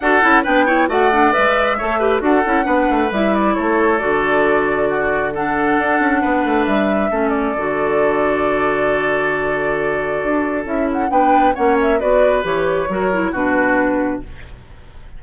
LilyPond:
<<
  \new Staff \with { instrumentName = "flute" } { \time 4/4 \tempo 4 = 135 fis''4 g''4 fis''4 e''4~ | e''4 fis''2 e''8 d''8 | cis''4 d''2. | fis''2. e''4~ |
e''8 d''2.~ d''8~ | d''1 | e''8 fis''8 g''4 fis''8 e''8 d''4 | cis''2 b'2 | }
  \new Staff \with { instrumentName = "oboe" } { \time 4/4 a'4 b'8 cis''8 d''2 | cis''8 b'8 a'4 b'2 | a'2. fis'4 | a'2 b'2 |
a'1~ | a'1~ | a'4 b'4 cis''4 b'4~ | b'4 ais'4 fis'2 | }
  \new Staff \with { instrumentName = "clarinet" } { \time 4/4 fis'8 e'8 d'8 e'8 fis'8 d'8 b'4 | a'8 g'8 fis'8 e'8 d'4 e'4~ | e'4 fis'2. | d'1 |
cis'4 fis'2.~ | fis'1 | e'4 d'4 cis'4 fis'4 | g'4 fis'8 e'8 d'2 | }
  \new Staff \with { instrumentName = "bassoon" } { \time 4/4 d'8 cis'8 b4 a4 gis4 | a4 d'8 cis'8 b8 a8 g4 | a4 d2.~ | d4 d'8 cis'8 b8 a8 g4 |
a4 d2.~ | d2. d'4 | cis'4 b4 ais4 b4 | e4 fis4 b,2 | }
>>